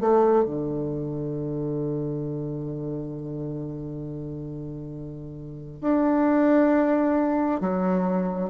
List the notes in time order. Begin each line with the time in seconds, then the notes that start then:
0.00 A3
0.45 D3
5.81 D4
7.60 F#3